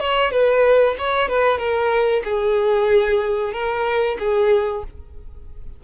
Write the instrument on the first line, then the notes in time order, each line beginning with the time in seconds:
violin
0.00 C#5
0.31 B4
0.98 C#5
1.28 B4
1.58 A#4
2.24 G#4
3.53 A#4
4.19 G#4